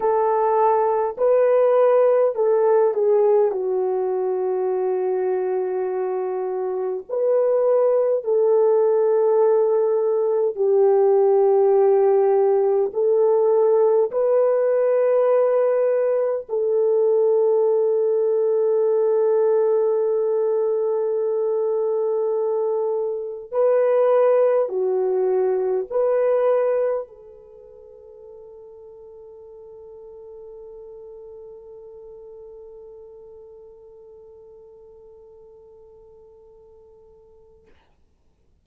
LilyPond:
\new Staff \with { instrumentName = "horn" } { \time 4/4 \tempo 4 = 51 a'4 b'4 a'8 gis'8 fis'4~ | fis'2 b'4 a'4~ | a'4 g'2 a'4 | b'2 a'2~ |
a'1 | b'4 fis'4 b'4 a'4~ | a'1~ | a'1 | }